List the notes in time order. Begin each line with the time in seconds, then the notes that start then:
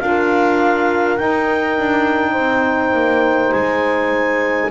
0.00 D4 F4 A#4 F5
1.17 D#4 G5
1.78 D4
2.33 C4 C5
2.93 A#3
3.53 G#3 G#5